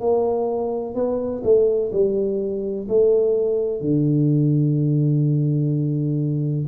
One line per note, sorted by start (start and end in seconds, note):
0.00 0.94 A#3
0.94 1.42 B3
1.44 1.91 A3
1.92 2.87 G3
2.88 3.81 A3
3.81 6.66 D3